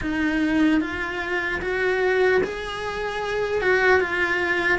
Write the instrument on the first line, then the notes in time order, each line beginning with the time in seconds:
cello
0.01 D#4
0.80 F4
1.61 F#4
2.43 G#4
3.61 F#4
4.00 F4